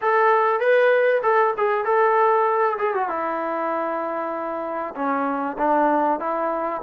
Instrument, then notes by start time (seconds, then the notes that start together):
trombone
0.01 A4
0.60 B4
1.23 A4
1.57 G#4
1.84 A4
2.78 G#4
2.94 F#4
3.08 E4
4.95 C#4
5.58 D4
6.19 E4